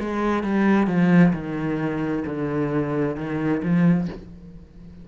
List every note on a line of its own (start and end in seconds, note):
0.00 0.43 G#3
0.43 0.87 G3
0.87 1.33 F3
1.33 2.24 D#3
2.26 3.16 D3
3.16 3.62 D#3
3.63 4.08 F3